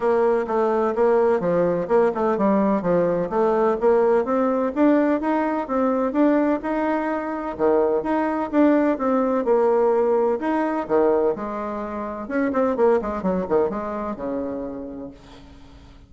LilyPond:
\new Staff \with { instrumentName = "bassoon" } { \time 4/4 \tempo 4 = 127 ais4 a4 ais4 f4 | ais8 a8 g4 f4 a4 | ais4 c'4 d'4 dis'4 | c'4 d'4 dis'2 |
dis4 dis'4 d'4 c'4 | ais2 dis'4 dis4 | gis2 cis'8 c'8 ais8 gis8 | fis8 dis8 gis4 cis2 | }